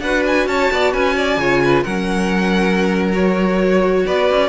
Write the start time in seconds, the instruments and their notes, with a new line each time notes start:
0.00 cello D4, viola F#4, violin B4 F#5
0.26 violin G#5
0.46 cello C#4, violin C#5 A5
0.71 cello B3, violin D5
0.92 cello C#4, violin B4 G#5
1.16 violin D5
1.37 cello C#3, viola F4, violin C#5
1.64 violin B4
1.83 cello F#3, viola C#4, violin A#4 F#5
3.13 viola F#4, violin C#5
4.06 cello B3, violin B4 D5
4.30 cello C#4